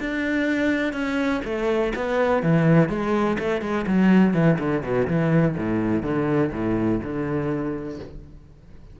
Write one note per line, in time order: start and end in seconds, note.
0.00 0.93 D4
0.93 1.42 C#4
1.45 1.93 A3
1.96 2.43 B3
2.43 2.89 E3
2.89 3.38 G#3
3.39 3.61 A3
3.61 3.86 G#3
3.87 4.34 F#3
4.34 4.58 E3
4.59 4.83 D3
4.83 5.07 B2
5.07 5.56 E3
5.57 6.03 A2
6.03 6.51 D3
6.52 7.01 A2
7.03 8.00 D3